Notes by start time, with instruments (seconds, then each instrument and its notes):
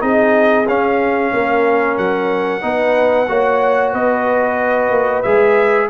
0.00 tuba C4, trombone D#4, horn G#4, trumpet D#5
0.66 tuba C#4, trombone C#4, trumpet F5
1.34 tuba A#3, horn A#4
1.98 tuba F#3, trumpet F#5
2.62 tuba B3, trombone D#4, horn B4
3.29 tuba A#3, trombone F#4, horn C#5
3.93 tuba B3, horn B4, trumpet D#5
4.91 tuba A#3
5.23 tuba G#3, trombone G#4, trumpet E5